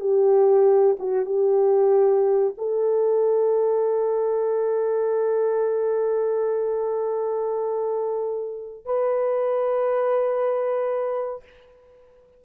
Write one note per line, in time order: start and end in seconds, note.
0.00 0.97 G4
0.99 1.26 F#4
1.26 2.55 G4
2.58 8.86 A4
8.86 11.44 B4